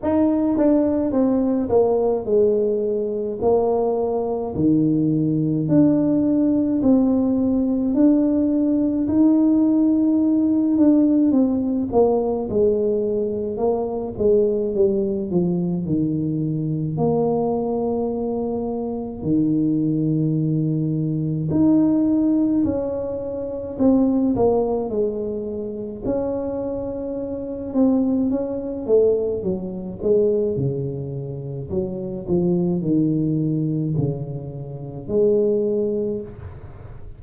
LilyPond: \new Staff \with { instrumentName = "tuba" } { \time 4/4 \tempo 4 = 53 dis'8 d'8 c'8 ais8 gis4 ais4 | dis4 d'4 c'4 d'4 | dis'4. d'8 c'8 ais8 gis4 | ais8 gis8 g8 f8 dis4 ais4~ |
ais4 dis2 dis'4 | cis'4 c'8 ais8 gis4 cis'4~ | cis'8 c'8 cis'8 a8 fis8 gis8 cis4 | fis8 f8 dis4 cis4 gis4 | }